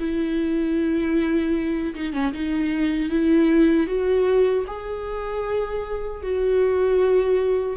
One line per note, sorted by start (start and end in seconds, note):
0.00 1.95 E4
1.95 2.14 D#4
2.14 2.33 C#4
2.33 3.10 D#4
3.10 3.87 E4
3.87 4.65 F#4
4.67 6.23 G#4
6.23 7.77 F#4